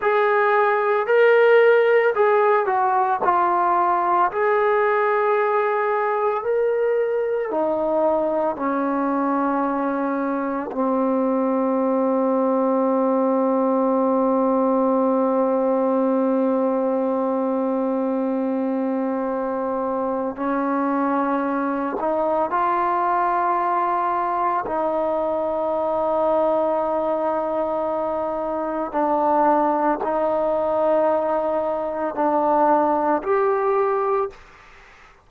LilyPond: \new Staff \with { instrumentName = "trombone" } { \time 4/4 \tempo 4 = 56 gis'4 ais'4 gis'8 fis'8 f'4 | gis'2 ais'4 dis'4 | cis'2 c'2~ | c'1~ |
c'2. cis'4~ | cis'8 dis'8 f'2 dis'4~ | dis'2. d'4 | dis'2 d'4 g'4 | }